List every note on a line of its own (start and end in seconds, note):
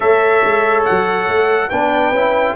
0.00 0.44 A3
0.00 1.70 A4
0.00 1.69 C#5
0.00 0.84 E5
0.44 0.87 G#3
0.84 1.27 F#3
0.84 1.69 F#5
1.27 1.70 A3
1.69 2.11 B3
1.69 2.14 D4
1.69 2.55 B4
1.69 2.55 G5
2.11 2.54 C#4
2.11 2.55 E4